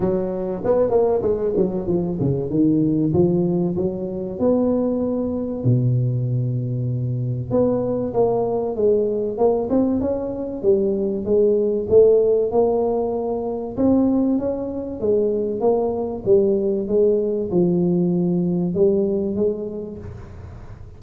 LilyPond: \new Staff \with { instrumentName = "tuba" } { \time 4/4 \tempo 4 = 96 fis4 b8 ais8 gis8 fis8 f8 cis8 | dis4 f4 fis4 b4~ | b4 b,2. | b4 ais4 gis4 ais8 c'8 |
cis'4 g4 gis4 a4 | ais2 c'4 cis'4 | gis4 ais4 g4 gis4 | f2 g4 gis4 | }